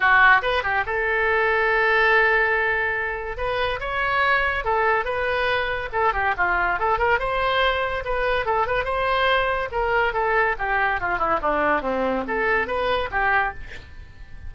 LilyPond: \new Staff \with { instrumentName = "oboe" } { \time 4/4 \tempo 4 = 142 fis'4 b'8 g'8 a'2~ | a'1 | b'4 cis''2 a'4 | b'2 a'8 g'8 f'4 |
a'8 ais'8 c''2 b'4 | a'8 b'8 c''2 ais'4 | a'4 g'4 f'8 e'8 d'4 | c'4 a'4 b'4 g'4 | }